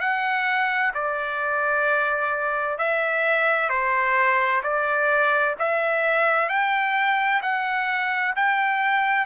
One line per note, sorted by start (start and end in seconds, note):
0.00 0.92 F#5
0.94 2.78 D5
2.78 3.69 E5
3.69 4.62 C5
4.63 5.56 D5
5.59 6.49 E5
6.49 7.41 G5
7.42 8.35 F#5
8.36 9.26 G5